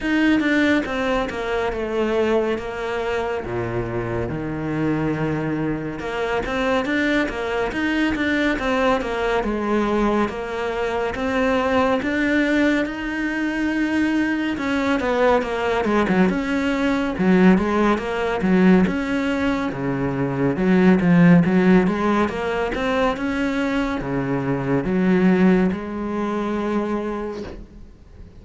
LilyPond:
\new Staff \with { instrumentName = "cello" } { \time 4/4 \tempo 4 = 70 dis'8 d'8 c'8 ais8 a4 ais4 | ais,4 dis2 ais8 c'8 | d'8 ais8 dis'8 d'8 c'8 ais8 gis4 | ais4 c'4 d'4 dis'4~ |
dis'4 cis'8 b8 ais8 gis16 fis16 cis'4 | fis8 gis8 ais8 fis8 cis'4 cis4 | fis8 f8 fis8 gis8 ais8 c'8 cis'4 | cis4 fis4 gis2 | }